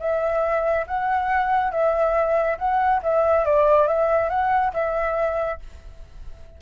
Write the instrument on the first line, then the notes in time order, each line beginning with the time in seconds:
flute
0.00 E5
0.87 F#5
1.72 E5
2.59 F#5
3.03 E5
3.45 D5
3.88 E5
4.30 F#5
4.74 E5